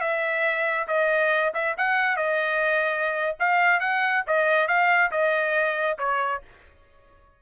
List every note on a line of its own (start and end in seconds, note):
0.00 0.87 E5
0.87 1.52 D#5
1.54 1.75 E5
1.77 2.16 F#5
2.16 3.36 D#5
3.39 3.80 F5
3.80 4.23 F#5
4.27 4.67 D#5
4.67 5.11 F5
5.11 5.98 D#5
5.98 6.42 C#5